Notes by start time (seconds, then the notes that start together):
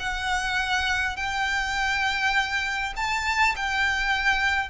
0.00 F#5
1.17 G5
2.97 A5
3.56 G5